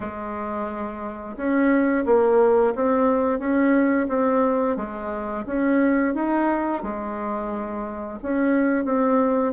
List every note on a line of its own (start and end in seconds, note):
0.00 1.36 G#3
1.36 2.05 C#4
2.05 2.74 A#3
2.75 3.39 C4
3.39 4.07 C#4
4.08 4.76 C4
4.76 5.44 G#3
5.46 6.14 C#4
6.14 6.82 D#4
6.82 8.19 G#3
8.22 8.85 C#4
8.85 9.53 C4